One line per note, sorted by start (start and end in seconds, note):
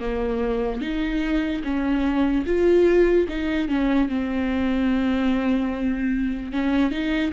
0.00 0.81 A#3
0.81 1.62 D#4
1.64 2.45 C#4
2.46 3.27 F4
3.28 3.69 D#4
3.69 4.08 C#4
4.08 6.52 C4
6.52 6.91 C#4
6.91 7.32 D#4